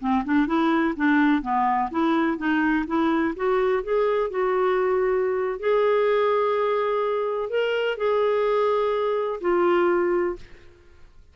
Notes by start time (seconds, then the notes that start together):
0.00 C4
0.25 D4
0.47 E4
0.96 D4
1.42 B3
1.91 E4
2.37 D#4
2.86 E4
3.36 F#4
3.83 G#4
4.30 F#4
5.59 G#4
7.49 A#4
7.97 G#4
9.40 F4